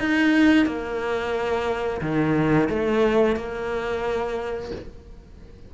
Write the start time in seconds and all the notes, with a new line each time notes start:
0.00 D#4
0.66 A#3
2.01 D#3
2.69 A3
3.36 A#3